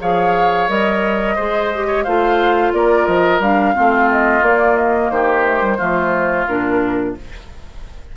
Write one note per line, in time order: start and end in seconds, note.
0.00 0.68 F3
0.00 0.68 G#4
0.00 1.35 C#5
0.00 0.69 F5
0.68 1.37 G3
0.68 1.36 A#4
0.68 2.04 D#5
1.35 2.06 G#3
1.35 1.71 G#4
1.35 1.86 C5
1.74 2.07 G4
1.87 2.04 C#5
2.04 2.72 A3
2.04 3.41 F4
2.04 2.72 C5
2.04 2.72 F5
2.72 3.07 A#3
2.72 3.75 A#4
2.72 3.06 D5
3.06 3.40 F3
3.06 3.40 D#5
3.40 3.74 G3
3.40 3.74 D4
3.40 4.10 F5
3.74 4.41 A3
3.74 4.42 C4
3.74 5.11 F4
4.11 4.44 D#5
4.41 5.10 A#3
4.41 5.46 A#3
4.41 4.76 D5
4.76 5.10 D#5
5.10 5.79 D#3
5.10 5.78 G4
5.10 6.47 C5
5.46 5.61 A3
5.61 5.78 G3
5.78 6.48 F3
5.78 6.47 A3
5.78 7.14 F4
6.47 7.16 A#2
6.47 7.16 D4
6.47 7.15 A#4